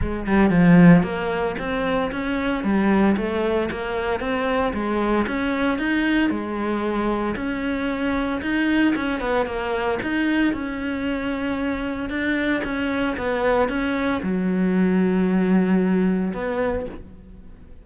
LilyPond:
\new Staff \with { instrumentName = "cello" } { \time 4/4 \tempo 4 = 114 gis8 g8 f4 ais4 c'4 | cis'4 g4 a4 ais4 | c'4 gis4 cis'4 dis'4 | gis2 cis'2 |
dis'4 cis'8 b8 ais4 dis'4 | cis'2. d'4 | cis'4 b4 cis'4 fis4~ | fis2. b4 | }